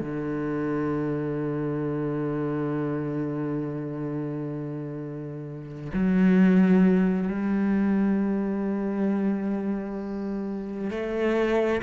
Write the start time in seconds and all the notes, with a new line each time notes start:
0.00 D3
5.93 F#3
7.28 G3
10.90 A3